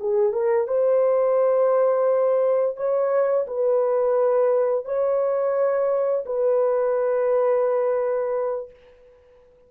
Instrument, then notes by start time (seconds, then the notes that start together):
horn
0.00 G#4
0.33 A#4
0.68 C5
2.77 C#5
3.47 B4
4.85 C#5
6.26 B4